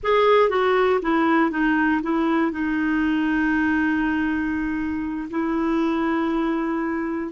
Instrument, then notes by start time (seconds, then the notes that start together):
clarinet
0.03 G#4
0.49 F#4
1.02 E4
1.51 D#4
2.02 E4
2.51 D#4
5.30 E4